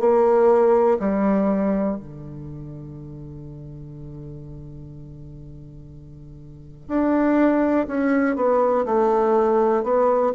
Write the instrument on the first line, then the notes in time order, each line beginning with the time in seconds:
bassoon
0.00 A#3
1.00 G3
1.97 D3
6.89 D4
7.88 C#4
8.36 B3
8.86 A3
9.84 B3